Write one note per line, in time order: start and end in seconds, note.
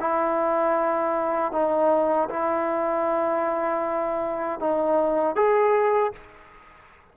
0.00 1.52 E4
1.52 2.29 D#4
2.29 4.59 E4
4.59 5.35 D#4
5.35 6.12 G#4